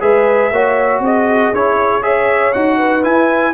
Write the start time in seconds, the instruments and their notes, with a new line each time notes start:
0.00 tuba G#3, trombone G#4, horn B4, trumpet E5
0.51 tuba A#3, trombone F#4, horn C#5
1.00 tuba C4, horn G#4, trumpet D#5
1.52 tuba C#4, trombone E4, trumpet C#5
2.02 trombone G#4, horn C#5, trumpet E5
2.53 tuba D#4, trombone F#4, trumpet F#5
2.78 horn B4
3.03 trombone E4, tuba E4, trumpet G#5